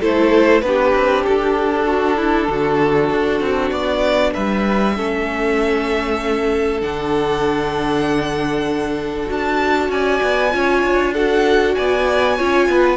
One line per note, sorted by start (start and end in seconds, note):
0.00 0.62 A3
0.00 0.63 E4
0.00 0.62 A4
0.00 0.61 C5
0.61 0.93 B3
0.61 4.96 D4
0.61 1.86 G4
0.61 1.23 B4
0.95 1.26 C4
1.25 2.48 D4
1.25 3.71 A4
1.86 2.17 F#4
2.17 2.48 E4
2.48 3.10 D3
2.48 4.34 F#4
3.11 3.41 D4
3.41 3.71 C4
3.71 4.33 B3
3.71 4.33 D5
4.33 4.98 G3
4.33 4.95 B4
4.33 6.81 E5
4.96 6.82 A3
4.96 6.81 C#4
4.96 9.91 A4
6.81 9.29 D3
6.81 9.26 D4
6.81 9.30 F#5
9.26 9.89 D4
9.26 10.50 F#4
9.26 9.91 A5
9.89 10.20 C#4
9.89 10.53 D5
9.89 11.14 G#5
10.23 10.54 B3
10.52 10.84 C#4
10.52 11.14 F4
10.52 11.13 C#5
10.84 11.76 D4
11.13 12.39 F#4
11.13 11.75 A4
11.13 11.75 F#5
11.75 12.40 B3
11.75 12.37 D5
11.75 12.96 G#5
12.37 12.68 C#4
12.37 12.96 F4
12.37 12.68 C#5
12.68 12.96 B3
12.68 12.96 B4